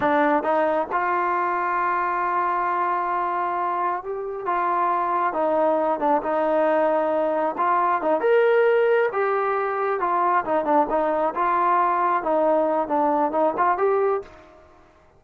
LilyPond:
\new Staff \with { instrumentName = "trombone" } { \time 4/4 \tempo 4 = 135 d'4 dis'4 f'2~ | f'1~ | f'4 g'4 f'2 | dis'4. d'8 dis'2~ |
dis'4 f'4 dis'8 ais'4.~ | ais'8 g'2 f'4 dis'8 | d'8 dis'4 f'2 dis'8~ | dis'4 d'4 dis'8 f'8 g'4 | }